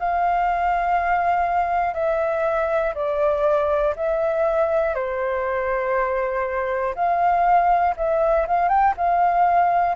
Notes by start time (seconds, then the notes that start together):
0.00 F5
1.94 E5
2.95 D5
3.96 E5
4.95 C5
6.96 F5
7.97 E5
8.48 F5
8.69 G5
8.98 F5